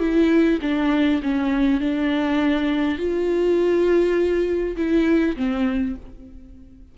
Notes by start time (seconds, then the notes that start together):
0.00 E4
0.62 D4
1.23 C#4
1.81 D4
2.98 F4
4.77 E4
5.37 C4